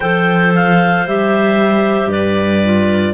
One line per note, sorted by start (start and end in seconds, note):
0.00 1.06 F3
0.00 1.06 A4
0.00 2.10 C5
0.00 0.52 G5
0.55 1.07 F5
1.06 2.06 G3
1.06 2.64 G4
1.06 2.10 E5
2.06 3.11 G2
2.06 3.14 B4
2.06 3.14 D5
2.64 3.14 F4